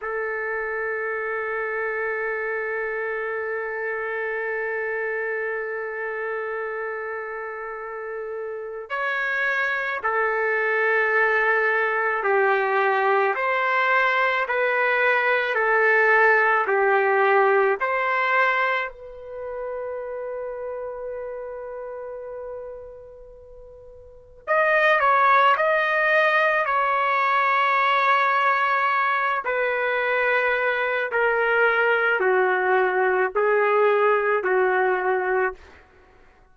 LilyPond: \new Staff \with { instrumentName = "trumpet" } { \time 4/4 \tempo 4 = 54 a'1~ | a'1 | cis''4 a'2 g'4 | c''4 b'4 a'4 g'4 |
c''4 b'2.~ | b'2 dis''8 cis''8 dis''4 | cis''2~ cis''8 b'4. | ais'4 fis'4 gis'4 fis'4 | }